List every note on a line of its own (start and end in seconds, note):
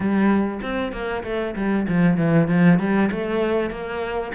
0.00 0.60 G3
0.62 0.92 C4
0.92 1.23 A#3
1.23 1.54 A3
1.55 1.86 G3
1.88 2.17 F3
2.17 2.48 E3
2.48 2.79 F3
2.79 3.10 G3
3.11 3.70 A3
3.70 4.32 A#3